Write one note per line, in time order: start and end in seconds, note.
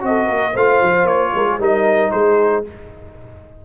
0.00 0.29 C4
0.00 0.52 F#4
0.00 0.56 D#5
0.08 0.25 A4
0.25 0.55 A#3
0.25 0.51 A#4
0.53 0.81 A3
0.53 1.60 F4
0.53 1.31 C5
0.53 1.07 F5
0.82 1.04 F3
1.04 1.30 A#3
1.04 1.59 C#5
1.34 1.59 G#3
1.34 1.47 A#4
1.48 1.60 G#4
1.59 2.11 G3
1.59 2.64 D#4
1.59 2.13 A#4
1.59 2.11 D#5
2.11 2.65 G#3
2.11 2.65 G#4
2.11 2.63 C5